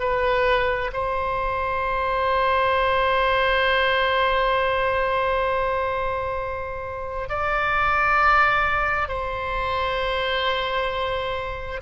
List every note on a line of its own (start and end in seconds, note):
0.00 0.91 B4
0.93 7.29 C5
7.29 9.08 D5
9.08 11.81 C5